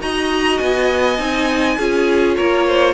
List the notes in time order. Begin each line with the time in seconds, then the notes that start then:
0.00 D#4 F#4 D#5 A#5
0.58 B3 G#5
1.18 C4 D#4
1.78 C#4 F4 G#4
2.36 A#3 A#4 C#5
2.67 C5